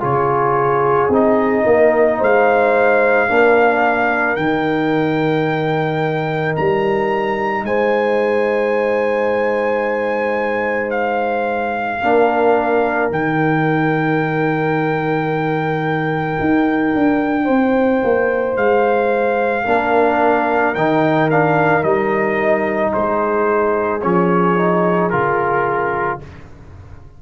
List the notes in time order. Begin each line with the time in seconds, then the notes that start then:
0.00 C#3 F4 G#4 C#5
1.09 C4 D#4 D#5
1.66 A#3 A#4
2.18 G#3 C5 F5
3.28 A#3 D4 A#4
4.36 D#3 D#4 G5
6.56 G3 A#5
7.63 G#3 C5 G#5
10.91 F5
12.02 A#3 D4 A#4
13.11 D#3 D#4 G5
16.40 D#4
16.95 D4
17.44 C4 C5
18.03 A#3
18.56 G#3 F5
19.64 A#3 D4 A#4
20.75 D#3 D#4 G5
21.30 D4 F5
21.82 G3 D#4 D#5
22.92 G#3 G#4 C5
24.01 F3 C#4 C#5
24.57 D#4
25.10 C#3 F4 A#4